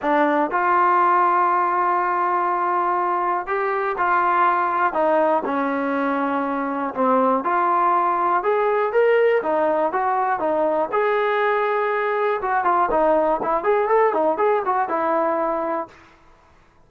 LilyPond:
\new Staff \with { instrumentName = "trombone" } { \time 4/4 \tempo 4 = 121 d'4 f'2.~ | f'2. g'4 | f'2 dis'4 cis'4~ | cis'2 c'4 f'4~ |
f'4 gis'4 ais'4 dis'4 | fis'4 dis'4 gis'2~ | gis'4 fis'8 f'8 dis'4 e'8 gis'8 | a'8 dis'8 gis'8 fis'8 e'2 | }